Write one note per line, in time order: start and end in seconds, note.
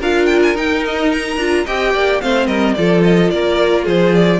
0.00 0.55 D4
0.00 0.56 F4
0.00 1.65 A#4
0.00 0.26 F5
0.26 0.40 G5
0.43 0.57 G#5
0.56 1.37 D#4
0.56 1.39 D#4
0.56 0.85 G5
0.86 1.12 D#5
1.12 1.67 A#5
1.37 1.65 D4
1.37 1.67 F4
1.65 1.94 C4
1.65 2.22 G4
1.65 1.93 D#5
1.65 2.21 G5
1.94 2.22 A#3
1.94 2.22 D5
2.21 2.48 A3
2.21 2.77 C4
2.21 2.47 C5
2.21 2.47 F5
2.47 2.75 G3
2.47 2.75 A#4
2.47 2.75 D#5
2.75 3.32 F3
2.75 4.40 F4
2.75 3.34 A4
2.75 3.02 D5
3.04 3.31 D#5
3.31 3.87 A#3
3.31 3.85 A#4
3.31 3.86 D5
3.85 4.40 F3
3.85 4.40 G#4
3.85 4.15 C5
4.15 4.40 D5